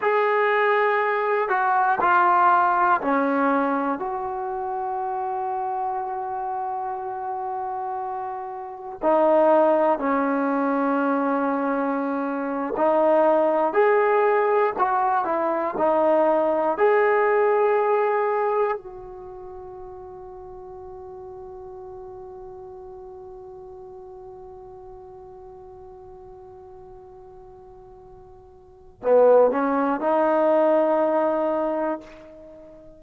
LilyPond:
\new Staff \with { instrumentName = "trombone" } { \time 4/4 \tempo 4 = 60 gis'4. fis'8 f'4 cis'4 | fis'1~ | fis'4 dis'4 cis'2~ | cis'8. dis'4 gis'4 fis'8 e'8 dis'16~ |
dis'8. gis'2 fis'4~ fis'16~ | fis'1~ | fis'1~ | fis'4 b8 cis'8 dis'2 | }